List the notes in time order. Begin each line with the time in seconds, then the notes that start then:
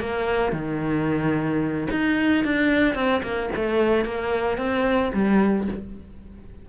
0.00 A#3
0.53 D#3
1.91 D#4
2.44 D4
2.95 C4
3.23 A#3
3.56 A3
4.05 A#3
4.57 C4
5.14 G3